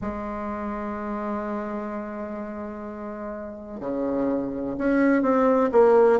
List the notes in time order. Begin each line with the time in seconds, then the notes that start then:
0.01 G#3
3.80 C#3
4.78 C#4
5.22 C4
5.71 A#3